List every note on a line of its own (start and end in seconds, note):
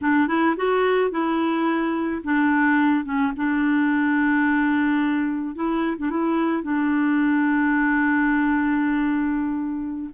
0.01 0.27 D4
0.27 0.55 E4
0.56 1.11 F#4
1.11 2.22 E4
2.24 3.04 D4
3.04 3.32 C#4
3.36 5.55 D4
5.55 5.96 E4
5.97 6.10 D4
6.10 6.63 E4
6.63 10.10 D4